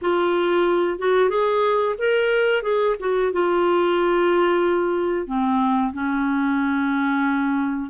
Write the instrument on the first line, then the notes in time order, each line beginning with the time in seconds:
clarinet
0.01 F4
0.99 F#4
1.29 G#4
1.98 A#4
2.62 G#4
2.99 F#4
3.32 F4
5.26 C4
5.93 C#4